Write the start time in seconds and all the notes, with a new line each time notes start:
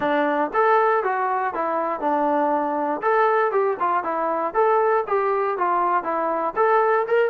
0.00 D4
0.53 A4
1.03 F#4
1.54 E4
2.00 D4
3.01 A4
3.51 G4
3.79 F4
4.03 E4
4.54 A4
5.07 G4
5.57 F4
6.03 E4
6.55 A4
7.07 A#4